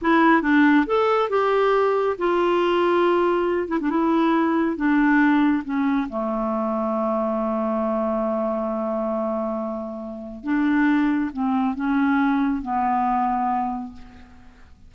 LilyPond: \new Staff \with { instrumentName = "clarinet" } { \time 4/4 \tempo 4 = 138 e'4 d'4 a'4 g'4~ | g'4 f'2.~ | f'8 e'16 d'16 e'2 d'4~ | d'4 cis'4 a2~ |
a1~ | a1 | d'2 c'4 cis'4~ | cis'4 b2. | }